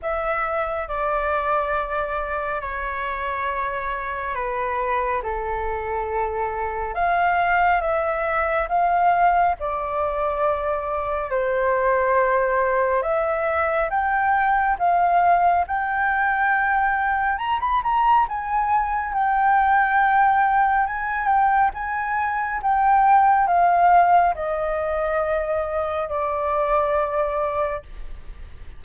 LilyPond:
\new Staff \with { instrumentName = "flute" } { \time 4/4 \tempo 4 = 69 e''4 d''2 cis''4~ | cis''4 b'4 a'2 | f''4 e''4 f''4 d''4~ | d''4 c''2 e''4 |
g''4 f''4 g''2 | ais''16 b''16 ais''8 gis''4 g''2 | gis''8 g''8 gis''4 g''4 f''4 | dis''2 d''2 | }